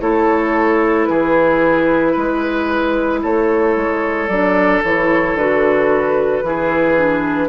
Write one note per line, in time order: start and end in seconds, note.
0.00 1.08 A3
0.00 4.29 E4
0.00 1.08 A4
0.00 1.05 C#5
1.05 2.16 E3
1.05 2.12 G#4
1.05 3.19 B4
2.12 3.23 G#3
2.12 3.19 B4
3.22 3.76 A3
3.22 6.43 A4
3.22 4.28 C#5
3.76 4.28 G#3
4.28 4.82 F#3
4.28 4.84 D4
4.28 4.81 D5
4.83 5.34 E3
4.83 5.39 E4
4.83 5.37 C#5
5.34 6.41 D3
5.34 6.43 F#4
5.34 7.48 B4
6.43 7.48 E3
6.43 6.96 E4
6.43 7.48 G#4
6.96 7.48 D4